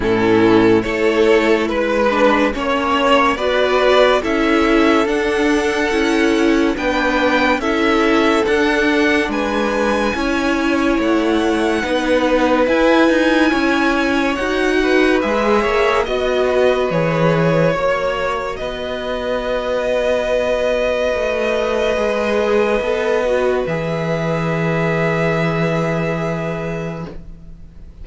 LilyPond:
<<
  \new Staff \with { instrumentName = "violin" } { \time 4/4 \tempo 4 = 71 a'4 cis''4 b'4 cis''4 | d''4 e''4 fis''2 | g''4 e''4 fis''4 gis''4~ | gis''4 fis''2 gis''4~ |
gis''4 fis''4 e''4 dis''4 | cis''2 dis''2~ | dis''1 | e''1 | }
  \new Staff \with { instrumentName = "violin" } { \time 4/4 e'4 a'4 b'4 cis''4 | b'4 a'2. | b'4 a'2 b'4 | cis''2 b'2 |
cis''4. b'4 cis''8 dis''8 b'8~ | b'4 cis''4 b'2~ | b'1~ | b'1 | }
  \new Staff \with { instrumentName = "viola" } { \time 4/4 cis'4 e'4. d'8 cis'4 | fis'4 e'4 d'4 e'4 | d'4 e'4 d'2 | e'2 dis'4 e'4~ |
e'4 fis'4 gis'4 fis'4 | gis'4 fis'2.~ | fis'2 gis'4 a'8 fis'8 | gis'1 | }
  \new Staff \with { instrumentName = "cello" } { \time 4/4 a,4 a4 gis4 ais4 | b4 cis'4 d'4 cis'4 | b4 cis'4 d'4 gis4 | cis'4 a4 b4 e'8 dis'8 |
cis'4 dis'4 gis8 ais8 b4 | e4 ais4 b2~ | b4 a4 gis4 b4 | e1 | }
>>